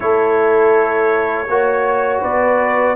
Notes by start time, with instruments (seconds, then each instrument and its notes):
0.00 tuba A3, trombone E4, horn A4, trumpet C#5
1.48 tuba A#3, trombone F#4, horn C#5
2.21 tuba B3, horn B4, trumpet D5